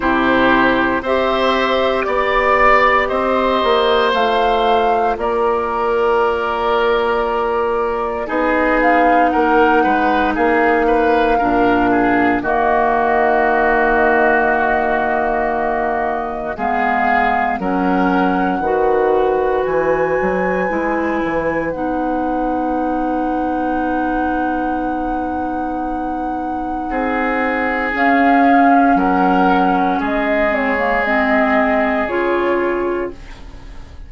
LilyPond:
<<
  \new Staff \with { instrumentName = "flute" } { \time 4/4 \tempo 4 = 58 c''4 e''4 d''4 dis''4 | f''4 d''2. | dis''8 f''8 fis''4 f''2 | dis''1 |
f''4 fis''2 gis''4~ | gis''4 fis''2.~ | fis''2. f''4 | fis''4 dis''8 cis''8 dis''4 cis''4 | }
  \new Staff \with { instrumentName = "oboe" } { \time 4/4 g'4 c''4 d''4 c''4~ | c''4 ais'2. | gis'4 ais'8 b'8 gis'8 b'8 ais'8 gis'8 | fis'1 |
gis'4 ais'4 b'2~ | b'1~ | b'2 gis'2 | ais'4 gis'2. | }
  \new Staff \with { instrumentName = "clarinet" } { \time 4/4 e'4 g'2. | f'1 | dis'2. d'4 | ais1 |
b4 cis'4 fis'2 | e'4 dis'2.~ | dis'2. cis'4~ | cis'4. c'16 ais16 c'4 f'4 | }
  \new Staff \with { instrumentName = "bassoon" } { \time 4/4 c4 c'4 b4 c'8 ais8 | a4 ais2. | b4 ais8 gis8 ais4 ais,4 | dis1 |
gis4 fis4 dis4 e8 fis8 | gis8 e8 b2.~ | b2 c'4 cis'4 | fis4 gis2 cis4 | }
>>